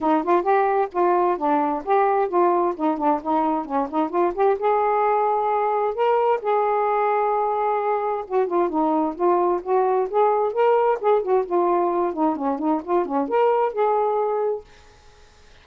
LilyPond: \new Staff \with { instrumentName = "saxophone" } { \time 4/4 \tempo 4 = 131 dis'8 f'8 g'4 f'4 d'4 | g'4 f'4 dis'8 d'8 dis'4 | cis'8 dis'8 f'8 g'8 gis'2~ | gis'4 ais'4 gis'2~ |
gis'2 fis'8 f'8 dis'4 | f'4 fis'4 gis'4 ais'4 | gis'8 fis'8 f'4. dis'8 cis'8 dis'8 | f'8 cis'8 ais'4 gis'2 | }